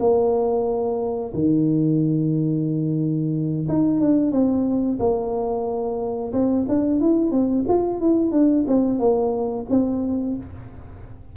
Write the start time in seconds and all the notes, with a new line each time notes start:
0.00 A#3
1.34 D#3
3.69 D#4
4.01 D4
4.32 C4
4.99 A#3
6.33 C4
6.69 D4
7.01 E4
7.32 C4
7.69 F4
8.01 E4
8.32 D4
8.68 C4
9.00 A#3
9.70 C4